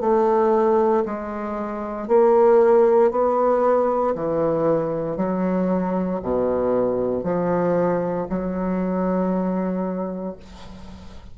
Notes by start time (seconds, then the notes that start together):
0.00 A3
1.05 G#3
2.08 A#3
3.11 B3
4.15 E3
5.16 F#3
6.22 B2
7.23 F3
8.29 F#3